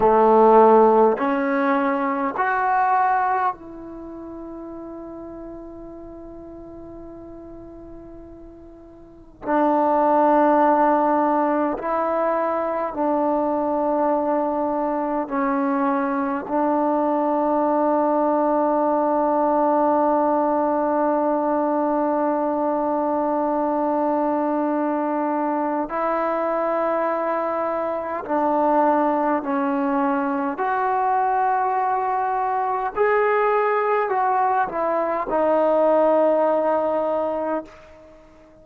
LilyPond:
\new Staff \with { instrumentName = "trombone" } { \time 4/4 \tempo 4 = 51 a4 cis'4 fis'4 e'4~ | e'1 | d'2 e'4 d'4~ | d'4 cis'4 d'2~ |
d'1~ | d'2 e'2 | d'4 cis'4 fis'2 | gis'4 fis'8 e'8 dis'2 | }